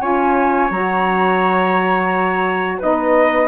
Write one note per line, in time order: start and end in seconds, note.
0.00 0.70 C#4
0.00 0.70 F4
0.00 2.80 C#5
0.00 0.71 G#5
0.70 2.80 F#3
0.70 2.81 F#4
0.70 2.78 A#5
2.78 3.48 B3
2.78 3.48 D#4
2.78 3.48 B4
2.78 3.48 D#5